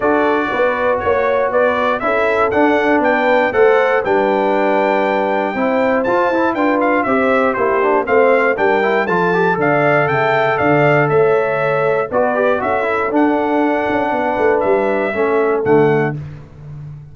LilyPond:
<<
  \new Staff \with { instrumentName = "trumpet" } { \time 4/4 \tempo 4 = 119 d''2 cis''4 d''4 | e''4 fis''4 g''4 fis''4 | g''1 | a''4 g''8 f''8 e''4 c''4 |
f''4 g''4 a''4 f''4 | g''4 f''4 e''2 | d''4 e''4 fis''2~ | fis''4 e''2 fis''4 | }
  \new Staff \with { instrumentName = "horn" } { \time 4/4 a'4 b'4 cis''4 b'4 | a'2 b'4 c''4 | b'2. c''4~ | c''4 b'4 c''4 g'4 |
c''4 ais'4 a'4 d''4 | e''4 d''4 cis''2 | b'4 a'2. | b'2 a'2 | }
  \new Staff \with { instrumentName = "trombone" } { \time 4/4 fis'1 | e'4 d'2 a'4 | d'2. e'4 | f'8 e'8 f'4 g'4 e'8 d'8 |
c'4 d'8 e'8 f'8 g'8 a'4~ | a'1 | fis'8 g'8 fis'8 e'8 d'2~ | d'2 cis'4 a4 | }
  \new Staff \with { instrumentName = "tuba" } { \time 4/4 d'4 b4 ais4 b4 | cis'4 d'4 b4 a4 | g2. c'4 | f'8 e'8 d'4 c'4 ais4 |
a4 g4 f4 d4 | cis4 d4 a2 | b4 cis'4 d'4. cis'8 | b8 a8 g4 a4 d4 | }
>>